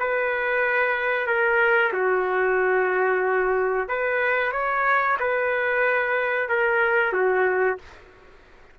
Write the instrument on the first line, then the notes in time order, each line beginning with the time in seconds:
trumpet
0.00 B4
1.27 A#4
1.93 F#4
3.89 B4
4.52 C#5
5.20 B4
6.49 A#4
7.13 F#4